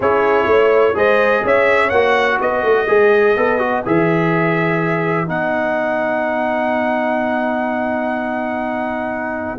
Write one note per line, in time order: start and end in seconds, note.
0.00 0.46 C#4
0.00 0.94 E4
0.00 0.47 G#4
0.00 0.97 C#5
0.46 0.94 A3
0.46 0.95 C#5
0.94 1.43 G#3
0.94 1.90 G#4
0.94 1.44 C5
0.94 1.45 D#5
1.44 1.91 C#4
1.44 2.40 C#5
1.44 1.89 E5
1.89 2.39 A#3
1.89 2.87 F#4
1.89 2.37 F#5
2.40 2.63 B3
2.40 9.58 B4
2.40 3.85 D#5
2.63 2.87 A3
2.87 3.36 G#3
2.87 3.35 G#4
3.36 3.84 B3
3.36 3.58 A4
3.58 3.82 F#4
3.85 5.28 E3
3.85 5.26 G#4
3.85 5.28 E5
5.26 9.58 B3
5.26 9.58 D#4
5.26 9.58 F#5